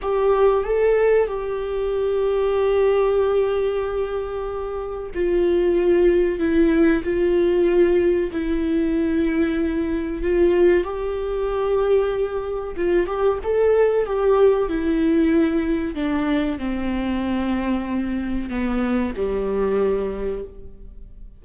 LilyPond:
\new Staff \with { instrumentName = "viola" } { \time 4/4 \tempo 4 = 94 g'4 a'4 g'2~ | g'1 | f'2 e'4 f'4~ | f'4 e'2. |
f'4 g'2. | f'8 g'8 a'4 g'4 e'4~ | e'4 d'4 c'2~ | c'4 b4 g2 | }